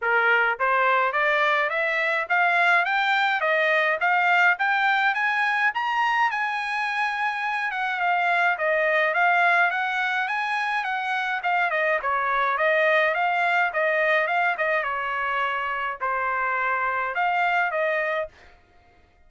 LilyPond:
\new Staff \with { instrumentName = "trumpet" } { \time 4/4 \tempo 4 = 105 ais'4 c''4 d''4 e''4 | f''4 g''4 dis''4 f''4 | g''4 gis''4 ais''4 gis''4~ | gis''4. fis''8 f''4 dis''4 |
f''4 fis''4 gis''4 fis''4 | f''8 dis''8 cis''4 dis''4 f''4 | dis''4 f''8 dis''8 cis''2 | c''2 f''4 dis''4 | }